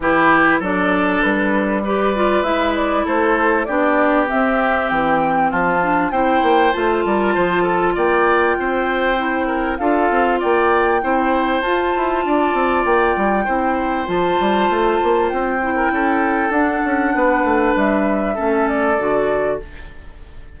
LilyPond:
<<
  \new Staff \with { instrumentName = "flute" } { \time 4/4 \tempo 4 = 98 b'4 d''4 b'4 d''4 | e''8 d''8 c''4 d''4 e''4 | g''4 a''4 g''4 a''4~ | a''4 g''2. |
f''4 g''2 a''4~ | a''4 g''2 a''4~ | a''4 g''2 fis''4~ | fis''4 e''4. d''4. | }
  \new Staff \with { instrumentName = "oboe" } { \time 4/4 g'4 a'2 b'4~ | b'4 a'4 g'2~ | g'4 f'4 c''4. ais'8 | c''8 a'8 d''4 c''4. ais'8 |
a'4 d''4 c''2 | d''2 c''2~ | c''4.~ c''16 ais'16 a'2 | b'2 a'2 | }
  \new Staff \with { instrumentName = "clarinet" } { \time 4/4 e'4 d'2 g'8 f'8 | e'2 d'4 c'4~ | c'4. d'8 e'4 f'4~ | f'2. e'4 |
f'2 e'4 f'4~ | f'2 e'4 f'4~ | f'4. e'4. d'4~ | d'2 cis'4 fis'4 | }
  \new Staff \with { instrumentName = "bassoon" } { \time 4/4 e4 fis4 g2 | gis4 a4 b4 c'4 | e4 f4 c'8 ais8 a8 g8 | f4 ais4 c'2 |
d'8 c'8 ais4 c'4 f'8 e'8 | d'8 c'8 ais8 g8 c'4 f8 g8 | a8 ais8 c'4 cis'4 d'8 cis'8 | b8 a8 g4 a4 d4 | }
>>